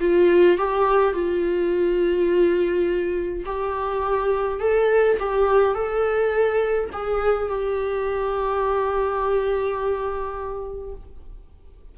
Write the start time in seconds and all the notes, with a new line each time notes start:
0.00 F4
0.58 G4
1.14 F4
3.46 G4
4.60 A4
5.20 G4
5.75 A4
6.93 G#4
7.49 G4